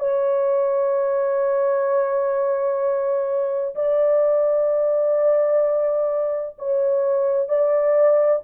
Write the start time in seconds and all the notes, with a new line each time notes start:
0.00 C#5
3.75 D5
6.59 C#5
7.49 D5